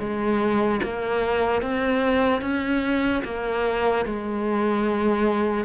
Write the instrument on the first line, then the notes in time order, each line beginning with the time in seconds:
cello
0.00 G#3
0.84 A#3
1.62 C4
2.42 C#4
3.25 A#3
4.06 G#3